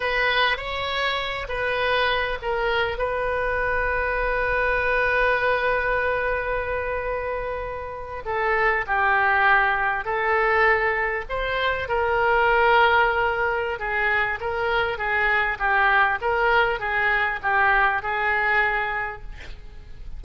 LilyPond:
\new Staff \with { instrumentName = "oboe" } { \time 4/4 \tempo 4 = 100 b'4 cis''4. b'4. | ais'4 b'2.~ | b'1~ | b'4.~ b'16 a'4 g'4~ g'16~ |
g'8. a'2 c''4 ais'16~ | ais'2. gis'4 | ais'4 gis'4 g'4 ais'4 | gis'4 g'4 gis'2 | }